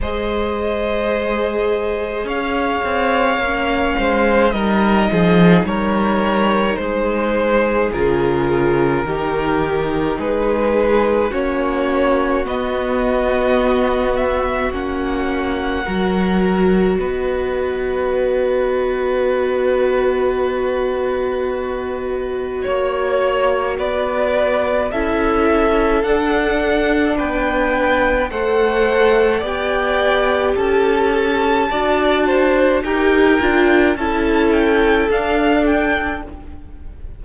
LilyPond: <<
  \new Staff \with { instrumentName = "violin" } { \time 4/4 \tempo 4 = 53 dis''2 f''2 | dis''4 cis''4 c''4 ais'4~ | ais'4 b'4 cis''4 dis''4~ | dis''8 e''8 fis''2 dis''4~ |
dis''1 | cis''4 d''4 e''4 fis''4 | g''4 fis''4 g''4 a''4~ | a''4 g''4 a''8 g''8 f''8 g''8 | }
  \new Staff \with { instrumentName = "violin" } { \time 4/4 c''2 cis''4. c''8 | ais'8 gis'8 ais'4 gis'2 | g'4 gis'4 fis'2~ | fis'2 ais'4 b'4~ |
b'1 | cis''4 b'4 a'2 | b'4 c''4 d''4 a'4 | d''8 c''8 ais'4 a'2 | }
  \new Staff \with { instrumentName = "viola" } { \time 4/4 gis'2. cis'4 | dis'2. f'4 | dis'2 cis'4 b4~ | b4 cis'4 fis'2~ |
fis'1~ | fis'2 e'4 d'4~ | d'4 a'4 g'2 | fis'4 g'8 f'8 e'4 d'4 | }
  \new Staff \with { instrumentName = "cello" } { \time 4/4 gis2 cis'8 c'8 ais8 gis8 | g8 f8 g4 gis4 cis4 | dis4 gis4 ais4 b4~ | b4 ais4 fis4 b4~ |
b1 | ais4 b4 cis'4 d'4 | b4 a4 b4 cis'4 | d'4 dis'8 d'8 cis'4 d'4 | }
>>